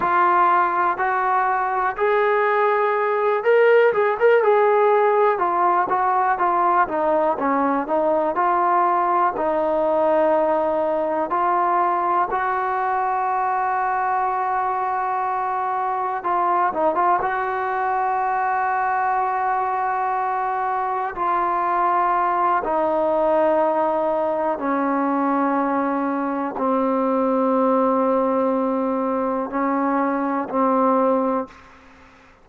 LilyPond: \new Staff \with { instrumentName = "trombone" } { \time 4/4 \tempo 4 = 61 f'4 fis'4 gis'4. ais'8 | gis'16 ais'16 gis'4 f'8 fis'8 f'8 dis'8 cis'8 | dis'8 f'4 dis'2 f'8~ | f'8 fis'2.~ fis'8~ |
fis'8 f'8 dis'16 f'16 fis'2~ fis'8~ | fis'4. f'4. dis'4~ | dis'4 cis'2 c'4~ | c'2 cis'4 c'4 | }